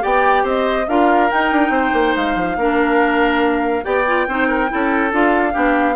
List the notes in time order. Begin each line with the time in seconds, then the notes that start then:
0.00 B3 G4 D5 G5
0.43 C4 C5 D#5
0.87 D4 F4 A#4 F5
1.30 D#4 G5
1.51 D4
1.69 C4 C5
1.92 A#3
2.16 G#3 F5
2.35 F3
2.56 A#3 D4 A#4
3.83 B3 G4 D5 G5
4.06 F4
4.27 C4 D#4 C5
4.48 A#4
4.68 C#4 E4 A4
5.12 D4 F4 F5
5.52 B3 D4 G4